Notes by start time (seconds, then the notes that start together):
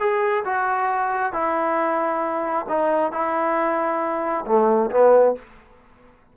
0.00 G#4
0.45 F#4
1.33 E4
2.69 D#4
3.12 E4
4.46 A3
4.91 B3